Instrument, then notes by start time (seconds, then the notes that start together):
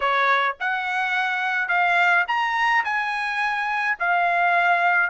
trumpet
0.00 C#5
0.60 F#5
1.68 F5
2.27 A#5
2.84 G#5
3.99 F5